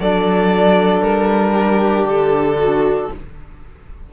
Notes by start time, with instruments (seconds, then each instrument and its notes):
0.00 cello F#3, trombone D4, viola A4, violin D5
1.02 cello G3, violin A#4
1.54 viola G4
2.05 cello D3, violin A4
2.58 viola F#4